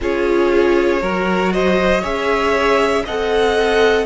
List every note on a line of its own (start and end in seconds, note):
0.00 1.01 C#4
0.00 1.00 F4
0.00 1.02 G#4
0.00 1.53 C#5
1.00 2.03 F#3
1.00 2.02 F#4
1.00 1.53 A#4
1.53 2.01 C5
1.53 2.03 D#5
2.01 3.05 C#4
2.01 3.04 G#4
2.01 3.03 C#5
2.01 3.05 E5
3.04 4.06 C4
3.04 4.06 A4
3.04 4.06 D#5
3.04 4.06 F#5